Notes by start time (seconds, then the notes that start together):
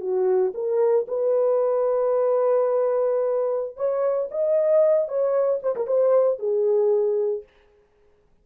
0.00 F#4
0.54 A#4
1.07 B4
3.76 C#5
4.30 D#5
5.08 C#5
5.62 C5
5.75 A#4
5.87 C5
6.39 G#4